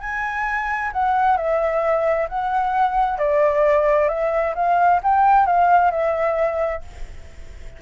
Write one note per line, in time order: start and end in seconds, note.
0.00 0.91 G#5
0.93 1.37 F#5
1.37 2.28 E5
2.29 3.18 F#5
3.18 4.09 D5
4.09 4.54 E5
4.55 5.00 F5
5.03 5.46 G5
5.46 5.91 F5
5.91 6.82 E5